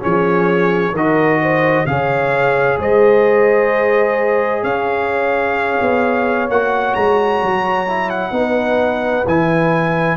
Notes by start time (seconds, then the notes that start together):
0.00 F3 C#4 G#4 C#5
0.91 D#3 A#4 D#5
0.97 F#4
1.42 C5
1.86 C#3 G#4 C#5 F5
2.79 G#3 C5 D#5
4.63 C#4 C#5 F5
5.81 B3
6.49 A#3 F#4 F#5
6.95 G#3 A#5
7.43 F#3
7.87 E4
8.10 F#5
8.32 B3 D#4 B4
9.27 E3 E4 G#5